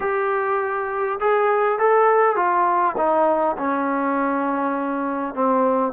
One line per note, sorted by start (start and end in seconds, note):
0.00 1.19 G4
1.20 1.78 G#4
1.78 2.36 A4
2.36 2.95 F4
2.97 3.56 D#4
3.57 5.34 C#4
5.34 5.92 C4